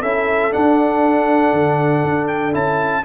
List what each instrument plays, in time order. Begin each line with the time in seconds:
0.00 tuba C#4, trombone E4, horn A4, trumpet E5
0.51 trombone D4, tuba D4, trumpet F#5
1.53 tuba D3
2.03 tuba D4
2.28 trumpet G5
2.53 tuba C#4, trombone E4, trumpet A5